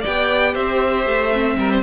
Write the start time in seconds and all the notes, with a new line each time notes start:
0.00 G4 D5 G5
0.06 B3
0.54 C4 C5 E5
1.05 A3
1.32 C4
1.57 G3 A#4
1.71 C5